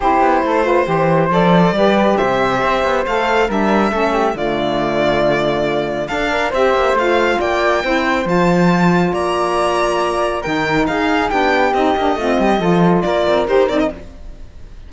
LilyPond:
<<
  \new Staff \with { instrumentName = "violin" } { \time 4/4 \tempo 4 = 138 c''2. d''4~ | d''4 e''2 f''4 | e''2 d''2~ | d''2 f''4 e''4 |
f''4 g''2 a''4~ | a''4 ais''2. | g''4 f''4 g''4 dis''4~ | dis''2 d''4 c''8 d''16 dis''16 | }
  \new Staff \with { instrumentName = "flute" } { \time 4/4 g'4 a'8 b'8 c''2 | b'4 c''2. | ais'4 a'8 g'8 f'2~ | f'2 a'8 ais'8 c''4~ |
c''4 d''4 c''2~ | c''4 d''2. | ais'4 gis'4 g'2 | f'8 g'8 a'4 ais'2 | }
  \new Staff \with { instrumentName = "saxophone" } { \time 4/4 e'4. f'8 g'4 a'4 | g'2. a'4 | d'4 cis'4 a2~ | a2 d'4 g'4 |
f'2 e'4 f'4~ | f'1 | dis'2 d'4 dis'8 d'8 | c'4 f'2 g'8 dis'8 | }
  \new Staff \with { instrumentName = "cello" } { \time 4/4 c'8 b8 a4 e4 f4 | g4 c4 c'8 b8 a4 | g4 a4 d2~ | d2 d'4 c'8 ais8 |
a4 ais4 c'4 f4~ | f4 ais2. | dis4 dis'4 b4 c'8 ais8 | a8 g8 f4 ais8 c'8 dis'8 c'8 | }
>>